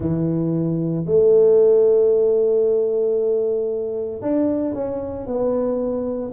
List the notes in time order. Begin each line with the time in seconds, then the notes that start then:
0.00 E3
1.05 A3
4.21 D4
4.74 C#4
5.26 B3